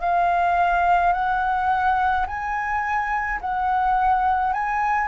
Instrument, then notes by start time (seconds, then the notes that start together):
flute
0.00 F5
1.12 F#5
2.26 G#5
3.41 F#5
4.53 G#5